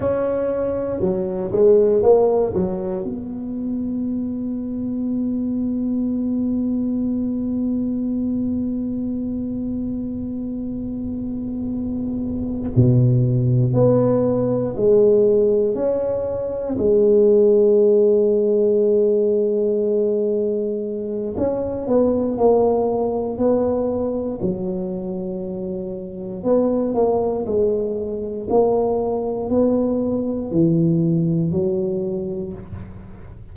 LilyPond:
\new Staff \with { instrumentName = "tuba" } { \time 4/4 \tempo 4 = 59 cis'4 fis8 gis8 ais8 fis8 b4~ | b1~ | b1~ | b8 b,4 b4 gis4 cis'8~ |
cis'8 gis2.~ gis8~ | gis4 cis'8 b8 ais4 b4 | fis2 b8 ais8 gis4 | ais4 b4 e4 fis4 | }